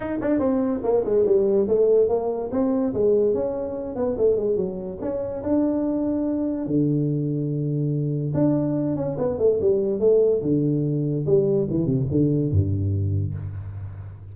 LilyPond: \new Staff \with { instrumentName = "tuba" } { \time 4/4 \tempo 4 = 144 dis'8 d'8 c'4 ais8 gis8 g4 | a4 ais4 c'4 gis4 | cis'4. b8 a8 gis8 fis4 | cis'4 d'2. |
d1 | d'4. cis'8 b8 a8 g4 | a4 d2 g4 | e8 c8 d4 g,2 | }